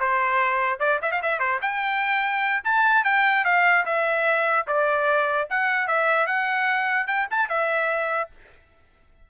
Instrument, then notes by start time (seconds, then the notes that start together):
trumpet
0.00 C5
0.80 D5
1.02 E5
1.12 F5
1.23 E5
1.40 C5
1.62 G5
2.64 A5
3.04 G5
3.45 F5
3.86 E5
4.67 D5
5.50 F#5
5.88 E5
6.27 F#5
7.07 G5
7.31 A5
7.49 E5